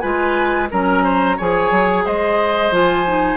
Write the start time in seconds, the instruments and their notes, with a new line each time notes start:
0.00 bassoon G#3, clarinet F4, oboe B4, flute G#5
0.71 bassoon F#3, clarinet C#4, oboe A#4, flute A#5
1.04 oboe C5
1.37 bassoon F3, clarinet G#4, oboe C#5, flute G#5
1.71 bassoon F#3
2.05 bassoon G#3, oboe C5, flute D#5
2.71 bassoon F3, clarinet F4, flute G#5
3.06 clarinet D#4